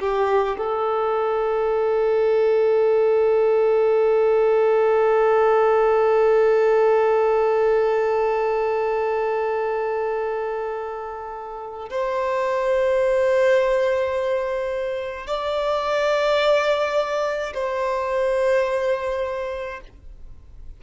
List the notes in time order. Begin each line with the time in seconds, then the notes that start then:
0.00 G4
0.58 A4
11.90 C5
15.27 D5
17.54 C5